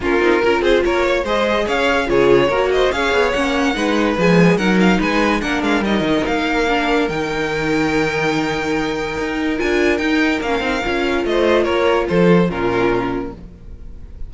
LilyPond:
<<
  \new Staff \with { instrumentName = "violin" } { \time 4/4 \tempo 4 = 144 ais'4. c''8 cis''4 dis''4 | f''4 cis''4. dis''8 f''4 | fis''2 gis''4 fis''8 f''8 | gis''4 fis''8 f''8 dis''4 f''4~ |
f''4 g''2.~ | g''2. gis''4 | g''4 f''2 dis''4 | cis''4 c''4 ais'2 | }
  \new Staff \with { instrumentName = "violin" } { \time 4/4 f'4 ais'8 gis'8 ais'8 cis''8 c''4 | cis''4 gis'4 ais'8 c''8 cis''4~ | cis''4 b'2 ais'4 | b'4 ais'2.~ |
ais'1~ | ais'1~ | ais'2. c''4 | ais'4 a'4 f'2 | }
  \new Staff \with { instrumentName = "viola" } { \time 4/4 cis'8 dis'8 f'2 gis'4~ | gis'4 f'4 fis'4 gis'4 | cis'4 dis'4 gis4 dis'4~ | dis'4 d'4 dis'2 |
d'4 dis'2.~ | dis'2. f'4 | dis'4 cis'8 dis'8 f'2~ | f'2 cis'2 | }
  \new Staff \with { instrumentName = "cello" } { \time 4/4 ais8 c'8 cis'8 c'8 ais4 gis4 | cis'4 cis4 ais4 cis'8 b8 | ais4 gis4 f4 fis4 | gis4 ais8 gis8 g8 dis8 ais4~ |
ais4 dis2.~ | dis2 dis'4 d'4 | dis'4 ais8 c'8 cis'4 a4 | ais4 f4 ais,2 | }
>>